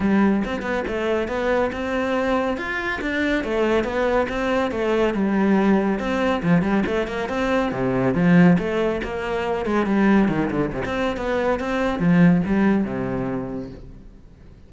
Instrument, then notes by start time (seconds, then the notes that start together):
cello
0.00 G3
0.44 C4
0.62 B3
0.87 A3
1.27 B3
1.72 C4
2.57 F4
3.01 D4
3.44 A3
3.84 B3
4.28 C4
4.71 A3
5.14 G3
5.99 C4
6.42 F3
6.62 G3
6.86 A3
7.07 A#3
7.29 C4
7.71 C3
8.14 F3
8.58 A3
9.03 A#3
9.65 G#3
9.86 G3
10.28 D#3
10.50 D3
10.72 C3
10.85 C4
11.16 B3
11.59 C4
11.99 F3
12.45 G3
12.84 C3